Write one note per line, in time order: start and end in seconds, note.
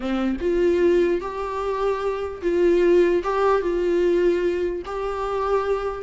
0.00 0.36 C4
0.40 1.20 F4
1.20 2.41 G4
2.42 3.22 F4
3.23 3.61 G4
3.61 4.82 F4
4.85 6.02 G4